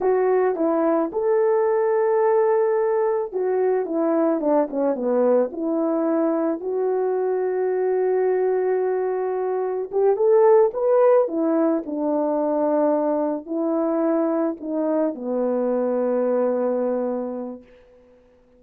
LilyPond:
\new Staff \with { instrumentName = "horn" } { \time 4/4 \tempo 4 = 109 fis'4 e'4 a'2~ | a'2 fis'4 e'4 | d'8 cis'8 b4 e'2 | fis'1~ |
fis'2 g'8 a'4 b'8~ | b'8 e'4 d'2~ d'8~ | d'8 e'2 dis'4 b8~ | b1 | }